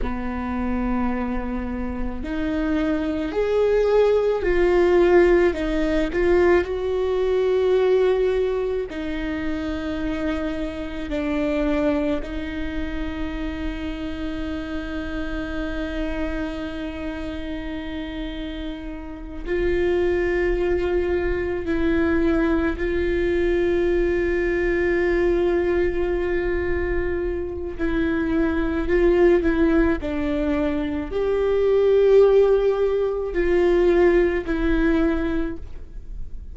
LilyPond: \new Staff \with { instrumentName = "viola" } { \time 4/4 \tempo 4 = 54 b2 dis'4 gis'4 | f'4 dis'8 f'8 fis'2 | dis'2 d'4 dis'4~ | dis'1~ |
dis'4. f'2 e'8~ | e'8 f'2.~ f'8~ | f'4 e'4 f'8 e'8 d'4 | g'2 f'4 e'4 | }